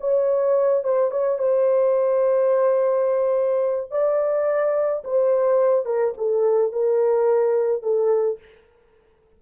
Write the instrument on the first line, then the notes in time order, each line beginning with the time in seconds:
horn
0.00 C#5
0.84 C5
1.11 C#5
1.38 C5
3.91 D5
5.04 C5
5.85 A#4
6.17 A4
6.72 A#4
7.82 A4